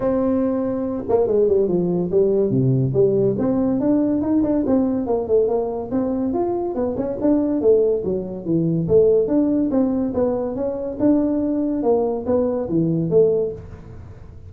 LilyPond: \new Staff \with { instrumentName = "tuba" } { \time 4/4 \tempo 4 = 142 c'2~ c'8 ais8 gis8 g8 | f4 g4 c4 g4 | c'4 d'4 dis'8 d'8 c'4 | ais8 a8 ais4 c'4 f'4 |
b8 cis'8 d'4 a4 fis4 | e4 a4 d'4 c'4 | b4 cis'4 d'2 | ais4 b4 e4 a4 | }